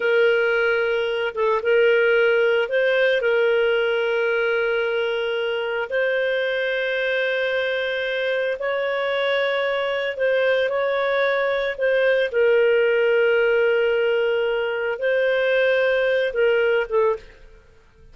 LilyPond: \new Staff \with { instrumentName = "clarinet" } { \time 4/4 \tempo 4 = 112 ais'2~ ais'8 a'8 ais'4~ | ais'4 c''4 ais'2~ | ais'2. c''4~ | c''1 |
cis''2. c''4 | cis''2 c''4 ais'4~ | ais'1 | c''2~ c''8 ais'4 a'8 | }